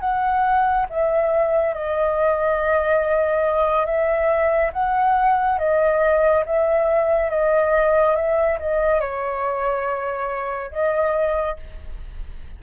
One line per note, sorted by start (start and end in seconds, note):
0.00 0.86 F#5
0.89 1.74 E5
1.74 3.86 D#5
3.86 4.71 E5
4.73 5.58 F#5
5.58 6.44 D#5
6.45 7.30 E5
7.30 8.15 D#5
8.15 8.58 E5
8.59 9.00 D#5
9.00 10.71 C#5
10.71 11.57 D#5